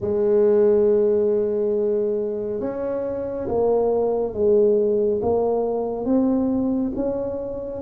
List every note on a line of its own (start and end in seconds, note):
0.00 2.60 G#3
2.60 3.47 C#4
3.48 4.33 A#3
4.33 5.20 G#3
5.22 6.05 A#3
6.05 6.92 C4
6.95 7.81 C#4